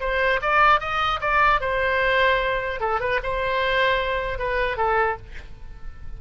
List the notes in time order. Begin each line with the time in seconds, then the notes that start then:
0.00 C5
0.42 D5
0.80 D#5
1.20 D5
1.60 C5
2.80 A4
3.00 B4
3.23 C5
4.38 B4
4.77 A4